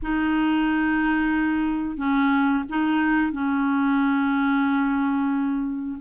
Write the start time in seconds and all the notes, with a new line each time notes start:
0.02 D#4
1.97 C#4
2.69 D#4
3.32 C#4